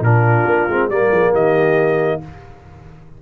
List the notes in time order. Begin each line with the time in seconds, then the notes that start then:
0.00 A#2 D4 F4 A#4
0.45 A#3
0.68 G#3 C4
0.89 G3 A#3 A#4 D5
1.12 F3 G#4
1.32 D#3 G4 D#5